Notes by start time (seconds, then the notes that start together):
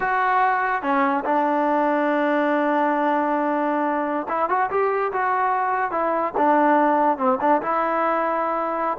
0.00 F#4
0.82 C#4
1.24 D4
4.28 E4
4.49 F#4
4.70 G4
5.12 F#4
5.91 E4
6.37 D4
7.17 C4
7.41 D4
7.62 E4